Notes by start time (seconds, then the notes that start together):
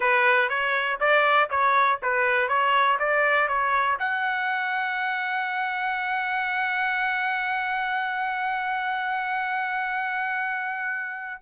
0.00 B4
0.49 C#5
1.00 D5
1.50 C#5
2.02 B4
2.48 C#5
2.99 D5
3.47 C#5
3.99 F#5